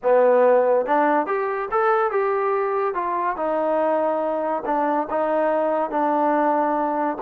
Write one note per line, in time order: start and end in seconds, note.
0.02 0.86 B3
0.86 1.26 D4
1.26 1.68 G4
1.71 2.11 A4
2.11 2.94 G4
2.94 3.36 F4
3.36 4.63 D#4
4.65 5.07 D4
5.10 5.90 D#4
5.90 7.17 D4